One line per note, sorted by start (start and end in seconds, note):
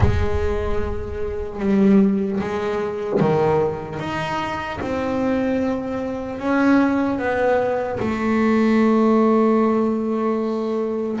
0.00 1.59 G#3
1.59 2.39 G3
2.40 3.20 G#3
3.20 3.99 D#3
3.99 4.79 D#4
4.80 6.39 C4
6.39 7.19 C#4
7.19 7.99 B3
7.99 11.19 A3